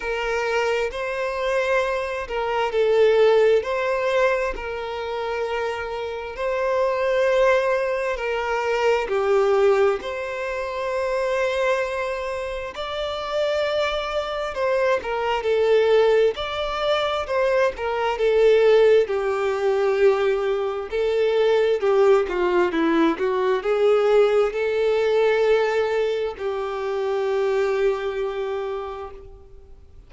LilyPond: \new Staff \with { instrumentName = "violin" } { \time 4/4 \tempo 4 = 66 ais'4 c''4. ais'8 a'4 | c''4 ais'2 c''4~ | c''4 ais'4 g'4 c''4~ | c''2 d''2 |
c''8 ais'8 a'4 d''4 c''8 ais'8 | a'4 g'2 a'4 | g'8 f'8 e'8 fis'8 gis'4 a'4~ | a'4 g'2. | }